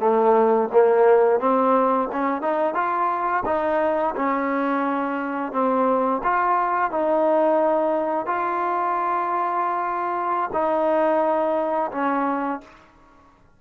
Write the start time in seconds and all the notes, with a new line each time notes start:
0.00 A3
0.73 A#3
1.40 C4
2.13 C#4
2.42 D#4
2.75 F4
3.46 D#4
4.16 C#4
5.53 C4
6.24 F4
6.92 D#4
8.27 F4
10.54 D#4
11.92 C#4